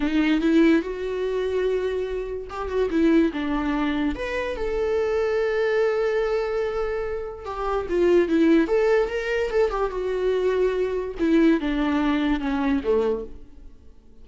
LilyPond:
\new Staff \with { instrumentName = "viola" } { \time 4/4 \tempo 4 = 145 dis'4 e'4 fis'2~ | fis'2 g'8 fis'8 e'4 | d'2 b'4 a'4~ | a'1~ |
a'2 g'4 f'4 | e'4 a'4 ais'4 a'8 g'8 | fis'2. e'4 | d'2 cis'4 a4 | }